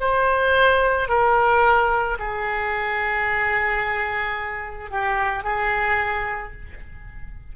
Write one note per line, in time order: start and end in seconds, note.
0.00 1.09 C5
1.09 2.18 A#4
2.19 4.90 G#4
4.90 5.43 G4
5.43 6.52 G#4